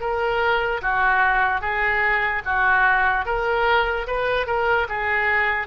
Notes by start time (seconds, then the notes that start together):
0.00 A#4
0.82 F#4
1.61 G#4
2.45 F#4
3.25 A#4
4.07 B4
4.47 A#4
4.89 G#4